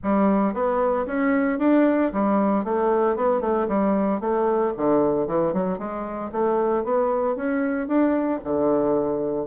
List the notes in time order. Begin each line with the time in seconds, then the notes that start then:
0.03 G3
0.53 B3
1.06 C#4
1.58 D4
2.12 G3
2.64 A3
3.16 B3
3.41 A3
3.68 G3
4.20 A3
4.77 D3
5.27 E3
5.53 F#3
5.78 G#3
6.32 A3
6.83 B3
7.36 C#4
7.87 D4
8.44 D3